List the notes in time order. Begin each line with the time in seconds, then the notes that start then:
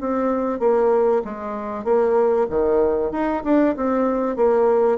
0.00 C4
0.60 A#3
1.25 G#3
1.84 A#3
2.50 D#3
3.11 D#4
3.44 D4
3.76 C4
4.36 A#3